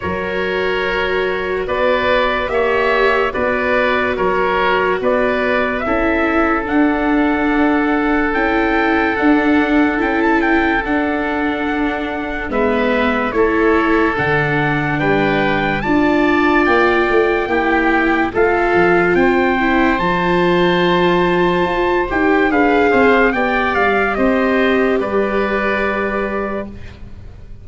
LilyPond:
<<
  \new Staff \with { instrumentName = "trumpet" } { \time 4/4 \tempo 4 = 72 cis''2 d''4 e''4 | d''4 cis''4 d''4 e''4 | fis''2 g''4 fis''4 | g''16 a''16 g''8 fis''2 e''4 |
cis''4 fis''4 g''4 a''4 | g''2 f''4 g''4 | a''2~ a''8 g''8 f''4 | g''8 f''8 dis''4 d''2 | }
  \new Staff \with { instrumentName = "oboe" } { \time 4/4 ais'2 b'4 cis''4 | b'4 ais'4 b'4 a'4~ | a'1~ | a'2. b'4 |
a'2 b'4 d''4~ | d''4 g'4 a'4 c''4~ | c''2. b'8 c''8 | d''4 c''4 b'2 | }
  \new Staff \with { instrumentName = "viola" } { \time 4/4 fis'2. g'4 | fis'2. e'4 | d'2 e'4 d'4 | e'4 d'2 b4 |
e'4 d'2 f'4~ | f'4 e'4 f'4. e'8 | f'2~ f'8 g'8 gis'4 | g'1 | }
  \new Staff \with { instrumentName = "tuba" } { \time 4/4 fis2 b4 ais4 | b4 fis4 b4 cis'4 | d'2 cis'4 d'4 | cis'4 d'2 gis4 |
a4 d4 g4 d'4 | ais8 a8 ais4 a8 f8 c'4 | f2 f'8 dis'8 d'8 c'8 | b8 g8 c'4 g2 | }
>>